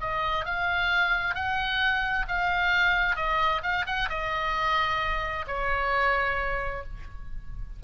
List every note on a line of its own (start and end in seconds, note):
0.00 0.45 D#5
0.45 1.35 F5
1.35 2.26 F#5
2.28 3.16 F5
3.16 3.61 D#5
3.63 3.86 F5
3.86 4.09 F#5
4.09 5.45 D#5
5.47 6.83 C#5